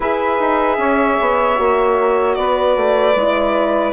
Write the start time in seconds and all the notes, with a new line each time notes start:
0.00 E4 G#4 B4 E5
0.39 D#4
0.77 C#4 C#5
1.20 B3
1.56 A#3 F#4
2.35 B3 B4 D5
2.76 A3
3.15 G#3 E4